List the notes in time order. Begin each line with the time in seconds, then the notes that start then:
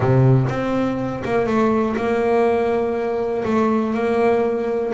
0.00 C3
0.49 C4
1.25 A#3
1.46 A3
1.96 A#3
3.44 A3
3.93 A#3